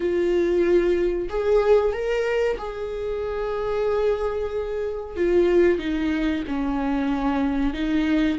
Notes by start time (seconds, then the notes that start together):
0.00 F4
1.29 G#4
1.92 A#4
2.58 G#4
5.16 F4
5.78 D#4
6.47 C#4
7.73 D#4